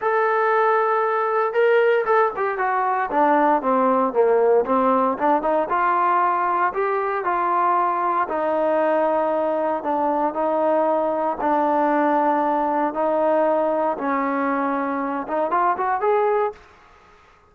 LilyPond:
\new Staff \with { instrumentName = "trombone" } { \time 4/4 \tempo 4 = 116 a'2. ais'4 | a'8 g'8 fis'4 d'4 c'4 | ais4 c'4 d'8 dis'8 f'4~ | f'4 g'4 f'2 |
dis'2. d'4 | dis'2 d'2~ | d'4 dis'2 cis'4~ | cis'4. dis'8 f'8 fis'8 gis'4 | }